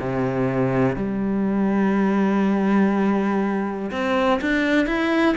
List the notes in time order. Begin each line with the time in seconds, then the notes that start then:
0.00 C3
0.96 G3
3.92 C4
4.42 D4
4.87 E4